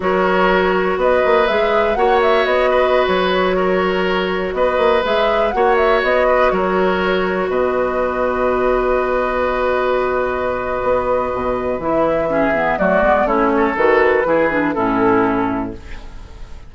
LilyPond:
<<
  \new Staff \with { instrumentName = "flute" } { \time 4/4 \tempo 4 = 122 cis''2 dis''4 e''4 | fis''8 e''8 dis''4~ dis''16 cis''4.~ cis''16~ | cis''4~ cis''16 dis''4 e''4 fis''8 e''16~ | e''16 dis''4 cis''2 dis''8.~ |
dis''1~ | dis''1 | e''2 d''4 cis''4 | b'2 a'2 | }
  \new Staff \with { instrumentName = "oboe" } { \time 4/4 ais'2 b'2 | cis''4. b'4.~ b'16 ais'8.~ | ais'4~ ais'16 b'2 cis''8.~ | cis''8. b'8 ais'2 b'8.~ |
b'1~ | b'1~ | b'4 gis'4 fis'4 e'8 a'8~ | a'4 gis'4 e'2 | }
  \new Staff \with { instrumentName = "clarinet" } { \time 4/4 fis'2. gis'4 | fis'1~ | fis'2~ fis'16 gis'4 fis'8.~ | fis'1~ |
fis'1~ | fis'1 | e'4 cis'8 b8 a8 b8 cis'4 | fis'4 e'8 d'8 cis'2 | }
  \new Staff \with { instrumentName = "bassoon" } { \time 4/4 fis2 b8 ais8 gis4 | ais4 b4~ b16 fis4.~ fis16~ | fis4~ fis16 b8 ais8 gis4 ais8.~ | ais16 b4 fis2 b,8.~ |
b,1~ | b,2 b4 b,4 | e2 fis8 gis8 a4 | dis4 e4 a,2 | }
>>